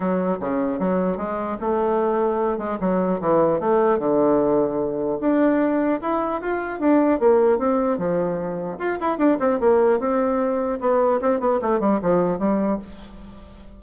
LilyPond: \new Staff \with { instrumentName = "bassoon" } { \time 4/4 \tempo 4 = 150 fis4 cis4 fis4 gis4 | a2~ a8 gis8 fis4 | e4 a4 d2~ | d4 d'2 e'4 |
f'4 d'4 ais4 c'4 | f2 f'8 e'8 d'8 c'8 | ais4 c'2 b4 | c'8 b8 a8 g8 f4 g4 | }